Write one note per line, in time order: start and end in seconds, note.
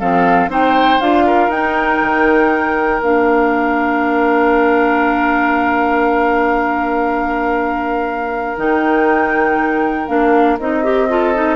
0.00 0.48 F3
0.00 0.50 C4
0.00 0.51 A4
0.00 0.50 F5
0.48 0.99 C4
0.48 1.00 D#4
0.48 1.26 C5
0.48 1.01 G5
1.01 1.49 D4
1.01 1.52 F4
1.01 1.51 F5
1.27 11.10 A#4
1.49 1.99 D#4
1.49 3.02 D#4
1.49 3.02 G5
2.02 3.00 D#3
3.00 8.55 A#3
3.00 8.57 D4
3.00 8.58 F5
8.57 10.09 D#3
8.57 10.08 D#4
8.57 10.08 G5
10.08 10.59 A#3
10.08 10.59 D4
10.08 10.58 F5
10.59 11.57 C4
10.59 10.84 D#4
10.59 11.57 D#5
10.84 11.09 G4
11.09 11.35 F4
11.09 11.57 A4
11.35 11.57 D#4